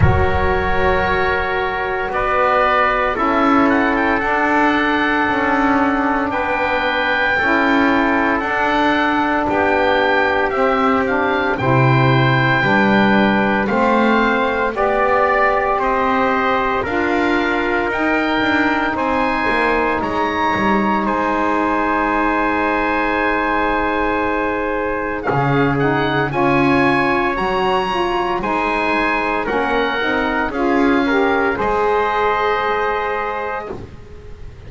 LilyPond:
<<
  \new Staff \with { instrumentName = "oboe" } { \time 4/4 \tempo 4 = 57 cis''2 d''4 e''8 fis''16 g''16 | fis''2 g''2 | fis''4 g''4 e''8 f''8 g''4~ | g''4 f''4 d''4 dis''4 |
f''4 g''4 gis''4 ais''4 | gis''1 | f''8 fis''8 gis''4 ais''4 gis''4 | fis''4 f''4 dis''2 | }
  \new Staff \with { instrumentName = "trumpet" } { \time 4/4 ais'2 b'4 a'4~ | a'2 b'4 a'4~ | a'4 g'2 c''4 | b'4 c''4 d''4 c''4 |
ais'2 c''4 cis''4 | c''1 | gis'4 cis''2 c''4 | ais'4 gis'8 ais'8 c''2 | }
  \new Staff \with { instrumentName = "saxophone" } { \time 4/4 fis'2. e'4 | d'2. e'4 | d'2 c'8 d'8 e'4 | d'4 c'4 g'2 |
f'4 dis'2.~ | dis'1 | cis'8 dis'8 f'4 fis'8 f'8 dis'4 | cis'8 dis'8 f'8 g'8 gis'2 | }
  \new Staff \with { instrumentName = "double bass" } { \time 4/4 fis2 b4 cis'4 | d'4 cis'4 b4 cis'4 | d'4 b4 c'4 c4 | g4 a4 b4 c'4 |
d'4 dis'8 d'8 c'8 ais8 gis8 g8 | gis1 | cis4 cis'4 fis4 gis4 | ais8 c'8 cis'4 gis2 | }
>>